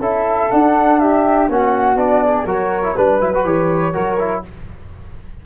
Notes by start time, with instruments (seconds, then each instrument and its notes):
0.00 tuba C#4, trombone E4, flute A4 E5
0.51 trombone D4, tuba D4, flute F#5
1.00 flute G4 E5
1.49 tuba A#3, trombone C#4, flute F#4 F#5
1.96 tuba B3, trombone D4, flute D5
2.24 flute G#4
2.46 tuba F#3, trombone F#4, flute A#4 C#5
2.84 trombone E4
2.96 tuba G3, trombone D4, flute B4
3.21 tuba F#3, trombone E4
3.34 trombone F#4
3.45 tuba E3, trombone G4, flute C#5
3.93 tuba F#3, trombone F#4, flute A#4
4.19 trombone E4